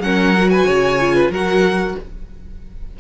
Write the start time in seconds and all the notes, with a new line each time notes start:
0.00 F#3 C#4 A#4 F#5
0.36 F#4
0.50 B4 G#5
0.67 C#3 C#5
1.00 F4
1.16 B4
1.30 F#3 F#4 A#4 F#5